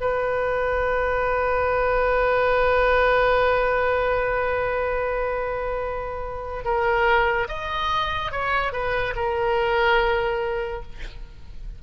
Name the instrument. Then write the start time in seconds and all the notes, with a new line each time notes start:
oboe
0.00 B4
6.64 A#4
7.48 D#5
8.31 C#5
8.72 B4
9.16 A#4